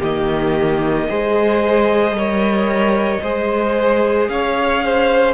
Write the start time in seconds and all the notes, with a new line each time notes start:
0.00 D#3 A#3 G4 D#5
1.09 G#3 G#4 C5
2.12 G3 A#4 C#5
3.22 G#3 G#4 C5
4.29 C#4 C#5 F5
4.85 C5